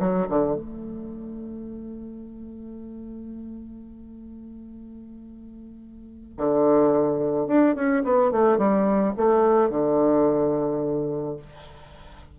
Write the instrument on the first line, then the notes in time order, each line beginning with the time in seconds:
bassoon
0.00 F#3
0.29 D3
0.56 A3
6.38 D3
7.48 D4
7.76 C#4
8.04 B3
8.32 A3
8.58 G3
9.17 A3
9.70 D3